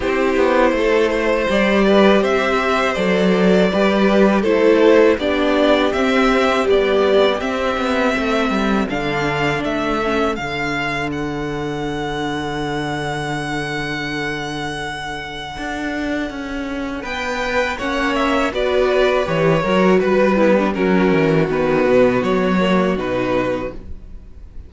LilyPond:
<<
  \new Staff \with { instrumentName = "violin" } { \time 4/4 \tempo 4 = 81 c''2 d''4 e''4 | d''2 c''4 d''4 | e''4 d''4 e''2 | f''4 e''4 f''4 fis''4~ |
fis''1~ | fis''2. g''4 | fis''8 e''8 d''4 cis''4 b'4 | ais'4 b'4 cis''4 b'4 | }
  \new Staff \with { instrumentName = "violin" } { \time 4/4 g'4 a'8 c''4 b'8 c''4~ | c''4 b'4 a'4 g'4~ | g'2. a'4~ | a'1~ |
a'1~ | a'2. b'4 | cis''4 b'4. ais'8 b'8 b8 | fis'1 | }
  \new Staff \with { instrumentName = "viola" } { \time 4/4 e'2 g'2 | a'4 g'4 e'4 d'4 | c'4 g4 c'2 | d'4. cis'8 d'2~ |
d'1~ | d'1 | cis'4 fis'4 g'8 fis'4 e'16 d'16 | cis'4 b4. ais8 dis'4 | }
  \new Staff \with { instrumentName = "cello" } { \time 4/4 c'8 b8 a4 g4 c'4 | fis4 g4 a4 b4 | c'4 b4 c'8 b8 a8 g8 | d4 a4 d2~ |
d1~ | d4 d'4 cis'4 b4 | ais4 b4 e8 fis8 g4 | fis8 e8 dis8 b,8 fis4 b,4 | }
>>